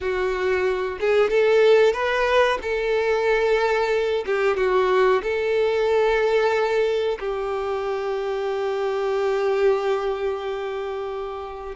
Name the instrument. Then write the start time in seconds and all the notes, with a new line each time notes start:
violin
0.01 F#4
1.00 G#4
1.30 A4
1.93 B4
2.61 A4
4.26 G4
4.57 F#4
5.22 A4
7.19 G4